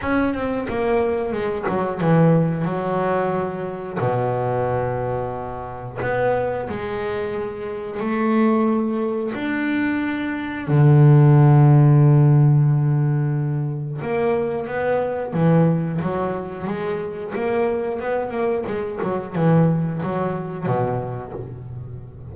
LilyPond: \new Staff \with { instrumentName = "double bass" } { \time 4/4 \tempo 4 = 90 cis'8 c'8 ais4 gis8 fis8 e4 | fis2 b,2~ | b,4 b4 gis2 | a2 d'2 |
d1~ | d4 ais4 b4 e4 | fis4 gis4 ais4 b8 ais8 | gis8 fis8 e4 fis4 b,4 | }